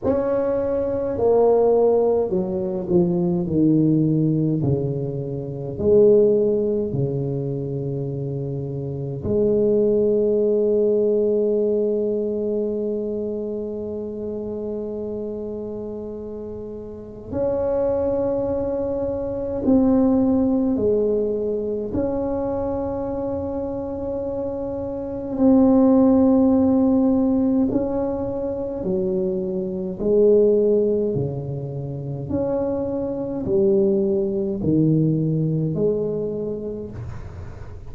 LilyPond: \new Staff \with { instrumentName = "tuba" } { \time 4/4 \tempo 4 = 52 cis'4 ais4 fis8 f8 dis4 | cis4 gis4 cis2 | gis1~ | gis2. cis'4~ |
cis'4 c'4 gis4 cis'4~ | cis'2 c'2 | cis'4 fis4 gis4 cis4 | cis'4 g4 dis4 gis4 | }